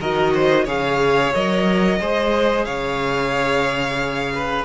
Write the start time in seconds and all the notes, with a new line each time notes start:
0.00 D#3 F#4 A#4 D#5
0.34 C5
0.65 C#3 G#4 C#5 F5
1.34 F#3 A#4 D#5
2.00 G#3 G#4 C5
2.65 C#3 C#5 F5
4.35 B4